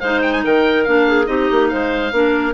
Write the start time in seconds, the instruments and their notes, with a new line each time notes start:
0.00 bassoon G#3, clarinet D#4 C5, oboe F5
0.22 oboe G5
0.33 oboe G#5
0.44 bassoon D#3, clarinet A#4, oboe G5
0.84 bassoon A#3, clarinet D4, oboe F5
1.08 clarinet G#4
1.25 bassoon C4, clarinet D#4 G4, oboe D#5
1.51 bassoon A#3
1.69 bassoon G#3, clarinet C5, oboe F5
2.12 bassoon A#3, clarinet D4 A#4